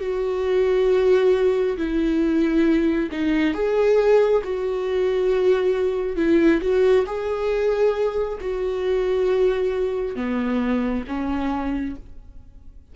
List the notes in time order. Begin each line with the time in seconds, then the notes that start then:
0.00 F#4
1.77 E4
3.11 D#4
3.53 G#4
4.44 F#4
6.16 E4
6.61 F#4
7.06 G#4
8.41 F#4
10.15 B3
11.07 C#4